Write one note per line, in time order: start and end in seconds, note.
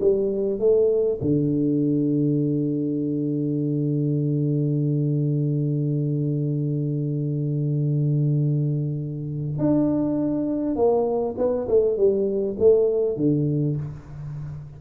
0.00 0.59 G3
0.59 1.19 A3
1.21 9.58 D3
9.58 10.75 D4
10.75 11.35 A#3
11.37 11.67 B3
11.68 11.96 A3
11.96 12.56 G3
12.58 13.16 A3
13.16 13.76 D3